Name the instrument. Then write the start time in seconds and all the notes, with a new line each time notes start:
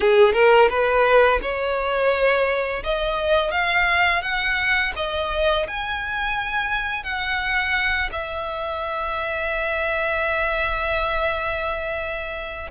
violin
0.00 G#4
0.33 A#4
0.69 B4
1.42 C#5
2.83 D#5
3.51 F5
4.22 F#5
4.96 D#5
5.67 G#5
7.03 F#5
8.11 E5